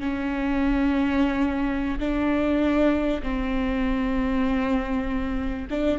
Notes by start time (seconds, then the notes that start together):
0.00 C#4
2.00 D4
3.23 C4
5.70 D4